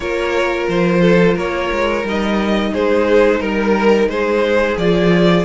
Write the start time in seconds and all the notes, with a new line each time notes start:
0.00 A#3 F4 A#4 C#5
0.68 F3 C5
1.01 A4
1.34 A#3 A#4 C#5
1.71 G#3
2.03 G3 D#4 D#5
2.73 G#3 G#4 C5
3.39 G3 A#4
4.07 G#3 G#4 C5
4.77 F3 F4 D5